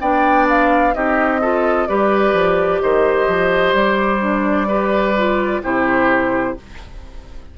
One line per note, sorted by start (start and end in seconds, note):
0.00 0.94 B3
0.00 0.93 D4
0.00 0.94 D5
0.00 0.47 G5
0.49 0.94 F5
0.93 1.88 C4
0.93 1.40 D#4
0.93 1.41 G4
0.93 1.87 D#5
1.41 1.88 F4
1.41 1.88 A4
1.87 2.33 G3
1.87 4.20 G4
1.87 2.82 B4
1.87 2.80 D5
2.33 2.80 F3
2.81 3.27 D#3
2.81 4.67 C5
2.81 3.75 D#5
3.27 3.73 F3
3.73 5.60 G3
3.73 5.63 D5
4.20 4.67 D4
4.67 5.14 G4
4.67 5.61 B4
5.17 5.62 F4
5.62 6.57 C3
5.62 6.56 E4
5.62 6.57 G4
5.62 6.57 C5